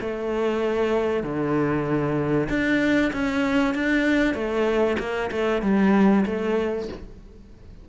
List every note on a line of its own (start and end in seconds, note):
0.00 1.23 A3
1.23 2.48 D3
2.49 3.11 D4
3.12 3.74 C#4
3.74 4.34 D4
4.34 4.97 A3
4.99 5.30 A#3
5.31 5.62 A3
5.62 6.24 G3
6.25 6.88 A3